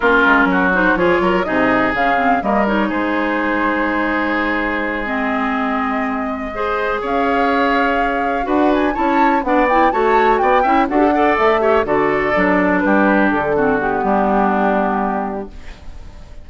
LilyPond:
<<
  \new Staff \with { instrumentName = "flute" } { \time 4/4 \tempo 4 = 124 ais'4. c''8 cis''4 dis''4 | f''4 dis''8 cis''8 c''2~ | c''2~ c''8 dis''4.~ | dis''2~ dis''8 f''4.~ |
f''4. fis''8 gis''8 a''4 fis''8 | g''8 a''4 g''4 fis''4 e''8~ | e''8 d''2 b'4 a'8~ | a'8 g'2.~ g'8 | }
  \new Staff \with { instrumentName = "oboe" } { \time 4/4 f'4 fis'4 gis'8 ais'8 gis'4~ | gis'4 ais'4 gis'2~ | gis'1~ | gis'4. c''4 cis''4.~ |
cis''4. b'4 cis''4 d''8~ | d''8 cis''4 d''8 e''8 a'8 d''4 | cis''8 a'2 g'4. | fis'4 d'2. | }
  \new Staff \with { instrumentName = "clarinet" } { \time 4/4 cis'4. dis'8 f'4 dis'4 | cis'8 c'8 ais8 dis'2~ dis'8~ | dis'2~ dis'8 c'4.~ | c'4. gis'2~ gis'8~ |
gis'4. fis'4 e'4 d'8 | e'8 fis'4. e'8 fis'16 g'16 a'4 | g'8 fis'4 d'2~ d'8 | c'8 b2.~ b8 | }
  \new Staff \with { instrumentName = "bassoon" } { \time 4/4 ais8 gis8 fis4 f8 fis8 c4 | cis4 g4 gis2~ | gis1~ | gis2~ gis8 cis'4.~ |
cis'4. d'4 cis'4 b8~ | b8 a4 b8 cis'8 d'4 a8~ | a8 d4 fis4 g4 d8~ | d4 g2. | }
>>